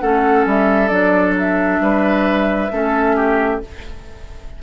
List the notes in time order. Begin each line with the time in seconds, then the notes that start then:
0.00 A3 C#4 A4 F#5
0.46 G3 E5
0.88 F#3 D4 D5
1.38 E5
1.81 G3 B4
2.71 A3 C#4 A4
3.16 G4